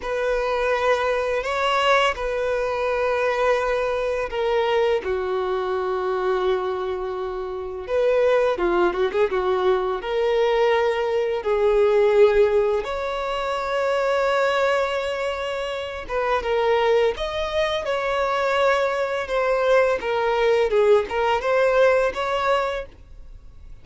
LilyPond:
\new Staff \with { instrumentName = "violin" } { \time 4/4 \tempo 4 = 84 b'2 cis''4 b'4~ | b'2 ais'4 fis'4~ | fis'2. b'4 | f'8 fis'16 gis'16 fis'4 ais'2 |
gis'2 cis''2~ | cis''2~ cis''8 b'8 ais'4 | dis''4 cis''2 c''4 | ais'4 gis'8 ais'8 c''4 cis''4 | }